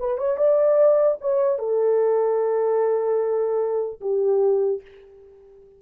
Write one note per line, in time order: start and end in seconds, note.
0.00 0.18 B4
0.18 0.38 C#5
0.38 1.18 D5
1.21 1.59 C#5
1.59 4.01 A4
4.01 4.82 G4